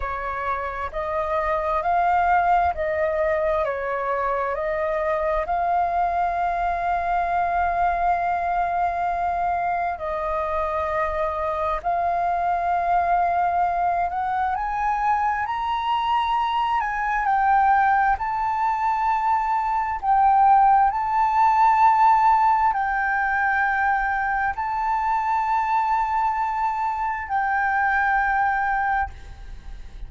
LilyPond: \new Staff \with { instrumentName = "flute" } { \time 4/4 \tempo 4 = 66 cis''4 dis''4 f''4 dis''4 | cis''4 dis''4 f''2~ | f''2. dis''4~ | dis''4 f''2~ f''8 fis''8 |
gis''4 ais''4. gis''8 g''4 | a''2 g''4 a''4~ | a''4 g''2 a''4~ | a''2 g''2 | }